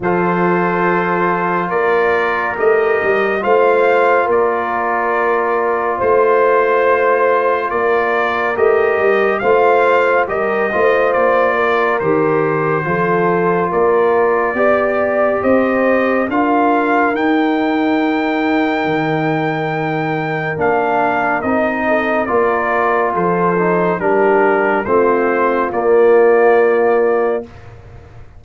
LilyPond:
<<
  \new Staff \with { instrumentName = "trumpet" } { \time 4/4 \tempo 4 = 70 c''2 d''4 dis''4 | f''4 d''2 c''4~ | c''4 d''4 dis''4 f''4 | dis''4 d''4 c''2 |
d''2 dis''4 f''4 | g''1 | f''4 dis''4 d''4 c''4 | ais'4 c''4 d''2 | }
  \new Staff \with { instrumentName = "horn" } { \time 4/4 a'2 ais'2 | c''4 ais'2 c''4~ | c''4 ais'2 c''4 | ais'8 c''4 ais'4. a'4 |
ais'4 d''4 c''4 ais'4~ | ais'1~ | ais'4. a'8 ais'4 a'4 | g'4 f'2. | }
  \new Staff \with { instrumentName = "trombone" } { \time 4/4 f'2. g'4 | f'1~ | f'2 g'4 f'4 | g'8 f'4. g'4 f'4~ |
f'4 g'2 f'4 | dis'1 | d'4 dis'4 f'4. dis'8 | d'4 c'4 ais2 | }
  \new Staff \with { instrumentName = "tuba" } { \time 4/4 f2 ais4 a8 g8 | a4 ais2 a4~ | a4 ais4 a8 g8 a4 | g8 a8 ais4 dis4 f4 |
ais4 b4 c'4 d'4 | dis'2 dis2 | ais4 c'4 ais4 f4 | g4 a4 ais2 | }
>>